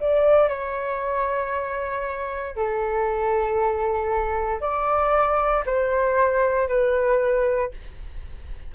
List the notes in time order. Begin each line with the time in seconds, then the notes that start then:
0.00 D5
0.48 C#5
2.55 A4
4.60 D5
5.66 C5
6.68 B4